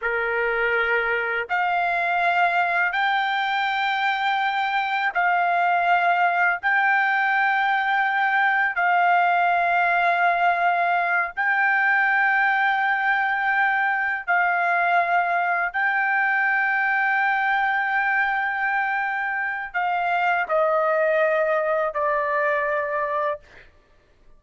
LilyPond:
\new Staff \with { instrumentName = "trumpet" } { \time 4/4 \tempo 4 = 82 ais'2 f''2 | g''2. f''4~ | f''4 g''2. | f''2.~ f''8 g''8~ |
g''2.~ g''8 f''8~ | f''4. g''2~ g''8~ | g''2. f''4 | dis''2 d''2 | }